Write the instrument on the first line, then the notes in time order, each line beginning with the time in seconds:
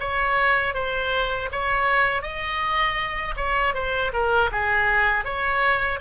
oboe
0.00 C#5
0.75 C5
1.52 C#5
2.22 D#5
3.37 C#5
3.75 C5
4.13 A#4
4.52 G#4
5.25 C#5